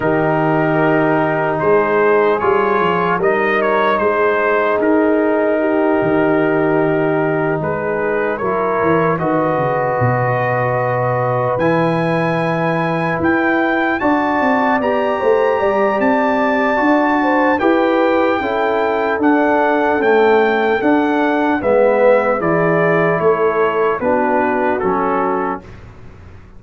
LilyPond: <<
  \new Staff \with { instrumentName = "trumpet" } { \time 4/4 \tempo 4 = 75 ais'2 c''4 cis''4 | dis''8 cis''8 c''4 ais'2~ | ais'4. b'4 cis''4 dis''8~ | dis''2~ dis''8 gis''4.~ |
gis''8 g''4 a''4 ais''4. | a''2 g''2 | fis''4 g''4 fis''4 e''4 | d''4 cis''4 b'4 a'4 | }
  \new Staff \with { instrumentName = "horn" } { \time 4/4 g'2 gis'2 | ais'4 gis'2 g'4~ | g'4. gis'4 ais'4 b'8~ | b'1~ |
b'4. d''4. c''8 d''8~ | d''4. c''8 b'4 a'4~ | a'2. b'4 | gis'4 a'4 fis'2 | }
  \new Staff \with { instrumentName = "trombone" } { \time 4/4 dis'2. f'4 | dis'1~ | dis'2~ dis'8 e'4 fis'8~ | fis'2~ fis'8 e'4.~ |
e'4. fis'4 g'4.~ | g'4 fis'4 g'4 e'4 | d'4 a4 d'4 b4 | e'2 d'4 cis'4 | }
  \new Staff \with { instrumentName = "tuba" } { \time 4/4 dis2 gis4 g8 f8 | g4 gis4 dis'4. dis8~ | dis4. gis4 fis8 e8 dis8 | cis8 b,2 e4.~ |
e8 e'4 d'8 c'8 b8 a8 g8 | c'4 d'4 e'4 cis'4 | d'4 cis'4 d'4 gis4 | e4 a4 b4 fis4 | }
>>